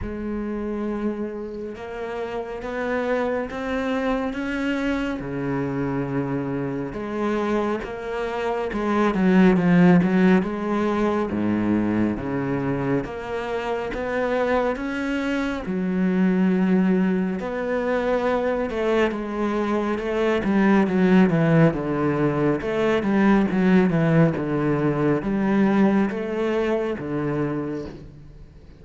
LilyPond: \new Staff \with { instrumentName = "cello" } { \time 4/4 \tempo 4 = 69 gis2 ais4 b4 | c'4 cis'4 cis2 | gis4 ais4 gis8 fis8 f8 fis8 | gis4 gis,4 cis4 ais4 |
b4 cis'4 fis2 | b4. a8 gis4 a8 g8 | fis8 e8 d4 a8 g8 fis8 e8 | d4 g4 a4 d4 | }